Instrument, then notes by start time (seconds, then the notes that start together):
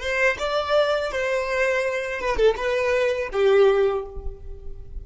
violin
0.00 C5
0.39 D5
1.12 C5
2.21 B4
2.36 A4
2.56 B4
3.32 G4